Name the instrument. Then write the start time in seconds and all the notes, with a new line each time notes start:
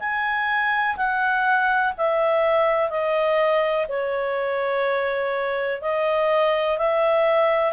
clarinet
0.00 G#5
0.97 F#5
1.98 E5
2.90 D#5
3.88 C#5
5.82 D#5
6.78 E5